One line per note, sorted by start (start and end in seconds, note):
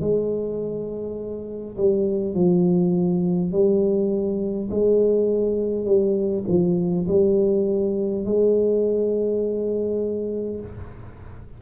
0.00 1.76 G#3
1.77 2.34 G3
2.34 3.52 F3
3.52 4.70 G3
4.70 5.85 G#3
5.85 6.44 G3
6.48 7.06 F3
7.08 8.25 G3
8.25 10.60 G#3